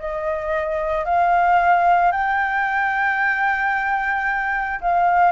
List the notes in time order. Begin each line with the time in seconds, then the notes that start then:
0.00 D#5
1.05 F5
2.12 G5
4.82 F5